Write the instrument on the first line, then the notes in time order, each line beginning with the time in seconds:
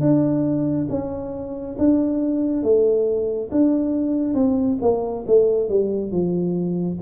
tuba
0.00 D4
0.89 C#4
1.78 D4
2.63 A3
3.51 D4
4.34 C4
4.81 A#3
5.27 A3
5.69 G3
6.11 F3